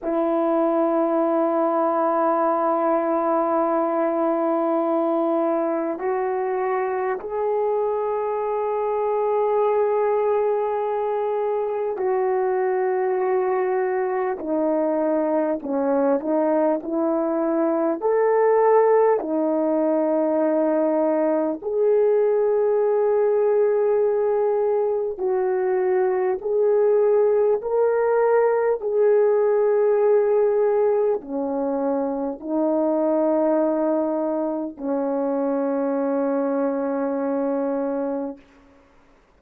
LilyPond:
\new Staff \with { instrumentName = "horn" } { \time 4/4 \tempo 4 = 50 e'1~ | e'4 fis'4 gis'2~ | gis'2 fis'2 | dis'4 cis'8 dis'8 e'4 a'4 |
dis'2 gis'2~ | gis'4 fis'4 gis'4 ais'4 | gis'2 cis'4 dis'4~ | dis'4 cis'2. | }